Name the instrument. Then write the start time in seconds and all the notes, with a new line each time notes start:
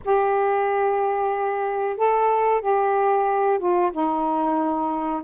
saxophone
0.04 G4
1.96 A4
2.61 G4
3.59 F4
3.92 D#4